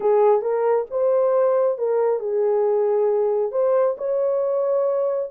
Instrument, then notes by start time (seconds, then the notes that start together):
horn
0.00 G#4
0.41 A#4
0.90 C5
1.78 A#4
2.19 G#4
3.51 C5
3.97 C#5